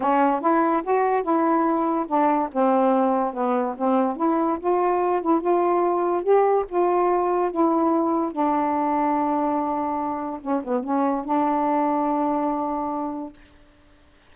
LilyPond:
\new Staff \with { instrumentName = "saxophone" } { \time 4/4 \tempo 4 = 144 cis'4 e'4 fis'4 e'4~ | e'4 d'4 c'2 | b4 c'4 e'4 f'4~ | f'8 e'8 f'2 g'4 |
f'2 e'2 | d'1~ | d'4 cis'8 b8 cis'4 d'4~ | d'1 | }